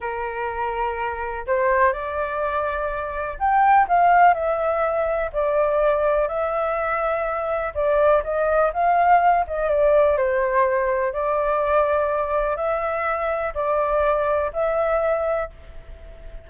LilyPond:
\new Staff \with { instrumentName = "flute" } { \time 4/4 \tempo 4 = 124 ais'2. c''4 | d''2. g''4 | f''4 e''2 d''4~ | d''4 e''2. |
d''4 dis''4 f''4. dis''8 | d''4 c''2 d''4~ | d''2 e''2 | d''2 e''2 | }